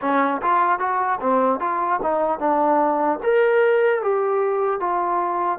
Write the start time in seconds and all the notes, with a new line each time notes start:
0.01 C#4
0.42 F4
0.79 F#4
1.20 C4
1.60 F4
2.02 D#4
2.39 D4
3.23 A#4
4.01 G4
4.80 F4